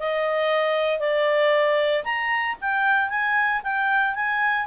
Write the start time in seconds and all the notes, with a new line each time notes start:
0.00 D#5
1.00 D5
2.04 A#5
2.61 G5
3.10 G#5
3.64 G5
4.15 G#5